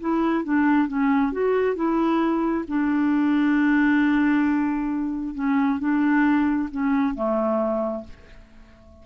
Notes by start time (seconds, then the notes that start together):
0.00 E4
0.44 D4
0.88 C#4
1.32 F#4
1.75 E4
2.67 D4
5.34 C#4
5.79 D4
6.71 C#4
7.14 A3